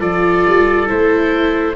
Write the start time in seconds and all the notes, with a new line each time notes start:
0.00 F3 F4 A4 D5
0.47 G3
0.86 A3 E4 C5